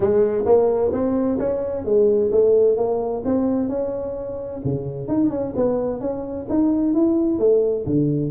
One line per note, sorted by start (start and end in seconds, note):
0.00 0.44 G#3
0.45 0.91 A#3
0.92 1.38 C4
1.38 1.84 C#4
1.84 2.30 G#3
2.31 2.77 A3
2.77 3.23 A#3
3.24 3.68 C4
3.68 4.61 C#4
4.64 5.08 C#3
5.08 5.30 D#4
5.30 5.53 C#4
5.56 6.00 B3
6.00 6.46 C#4
6.49 6.93 D#4
6.93 7.38 E4
7.38 7.85 A3
7.85 8.31 D3